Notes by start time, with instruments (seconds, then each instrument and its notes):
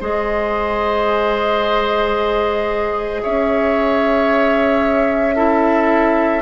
0.00 bassoon G#3, clarinet G#4, oboe C5, flute D#5
3.22 bassoon C#4, oboe C#5, flute E5
5.35 clarinet E4, oboe A4